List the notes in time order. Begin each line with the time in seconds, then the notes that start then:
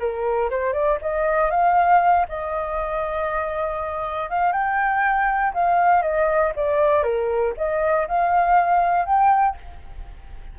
0.00 A#4
0.50 C5
0.73 D5
1.02 D#5
1.51 F5
2.29 D#5
4.30 F5
4.52 G5
5.54 F5
6.03 D#5
6.56 D5
7.03 A#4
7.57 D#5
8.08 F5
9.06 G5